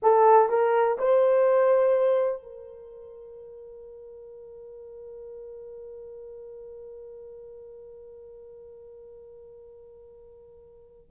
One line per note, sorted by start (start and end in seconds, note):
0.02 0.49 A4
0.49 0.97 A#4
0.98 2.42 C5
2.42 11.10 A#4